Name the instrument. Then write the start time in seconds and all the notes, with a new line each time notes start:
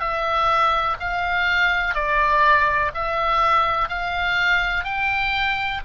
oboe
0.00 E5
1.00 F5
1.94 D5
2.94 E5
3.88 F5
4.84 G5